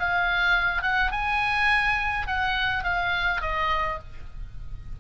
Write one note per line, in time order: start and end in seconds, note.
0.00 0.83 F5
0.83 1.11 F#5
1.12 2.27 G#5
2.27 2.84 F#5
2.84 3.42 F5
3.42 3.99 D#5